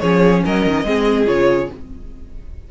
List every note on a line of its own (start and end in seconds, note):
0.00 0.44 F3
0.00 0.86 C#4
0.00 0.44 G#4
0.00 0.42 C#5
0.44 0.67 F#3
0.44 0.86 A#4
0.44 1.28 D#5
0.67 0.84 D#3
0.84 1.27 G#3
0.84 1.26 C4
0.84 1.72 G#4
1.26 1.70 C#3
1.26 1.68 F4
1.26 1.70 C#5